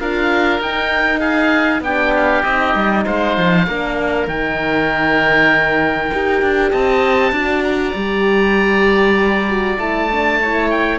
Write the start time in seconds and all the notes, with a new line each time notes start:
0.00 D4 F4 A#4 F5
0.60 D#4 G5
1.20 G#4 F5
1.81 B3 D4 G4 G5
2.16 F5
2.43 C4 D#4 D#5
2.75 G3
3.06 G#3 C5 F5
3.38 F3
3.67 A#3 D4 A#4
4.27 D#3 D#4 G5
6.12 D#4 G4
6.42 D4
6.71 C4 D#5 A5
7.32 D4 F#4 D5
7.64 A#5
7.94 G3 G4
9.49 F#4
9.79 A3 E4 A5
10.11 D4
10.42 E4 C#5
10.71 G5